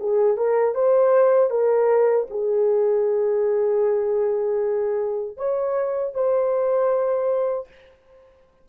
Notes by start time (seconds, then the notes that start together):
0.00 G#4
0.37 A#4
0.75 C5
1.50 A#4
2.30 G#4
5.37 C#5
6.15 C5